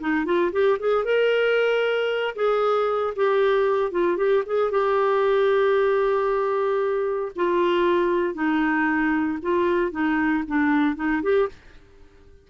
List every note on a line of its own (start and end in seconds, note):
0.00 0.25 D#4
0.25 0.51 F4
0.52 0.78 G4
0.79 1.04 G#4
1.04 2.35 A#4
2.35 3.14 G#4
3.16 3.91 G4
3.91 4.17 F4
4.17 4.43 G4
4.46 4.71 G#4
4.71 7.32 G4
7.35 8.34 F4
8.34 9.38 D#4
9.42 9.91 F4
9.91 10.43 D#4
10.47 10.96 D4
10.96 11.22 D#4
11.22 11.49 G4